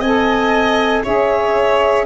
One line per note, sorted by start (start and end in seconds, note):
0.00 1.02 C4
0.00 1.05 A4
0.00 1.02 D#5
0.00 1.03 G#5
1.03 2.06 C#4
1.03 2.06 G#4
1.03 2.05 C#5
1.03 2.06 E5